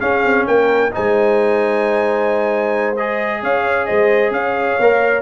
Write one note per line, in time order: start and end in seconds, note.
0.00 0.91 C#4
0.00 0.24 C#4
0.00 0.47 G#4
0.00 0.46 F5
0.24 0.47 C4
0.47 0.93 A#3
0.47 0.92 A#4
0.47 0.93 G5
0.91 2.96 D#4
0.91 3.42 C5
0.91 2.97 G#5
0.97 3.43 G#3
2.97 4.81 G#4
2.97 3.42 D#5
3.42 3.88 C#4
3.42 3.87 C#5
3.42 3.86 F5
3.86 4.31 G#3
3.86 4.33 C5
3.86 4.31 D#5
4.31 4.76 C#4
4.31 5.22 C#5
4.31 5.22 F5
4.79 5.22 A#3
4.79 5.22 A#4